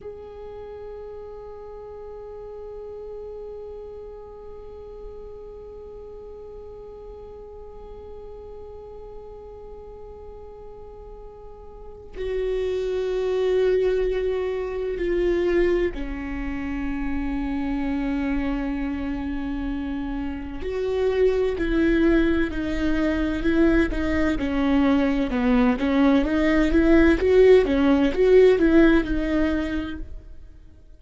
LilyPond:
\new Staff \with { instrumentName = "viola" } { \time 4/4 \tempo 4 = 64 gis'1~ | gis'1~ | gis'1~ | gis'4 fis'2. |
f'4 cis'2.~ | cis'2 fis'4 e'4 | dis'4 e'8 dis'8 cis'4 b8 cis'8 | dis'8 e'8 fis'8 cis'8 fis'8 e'8 dis'4 | }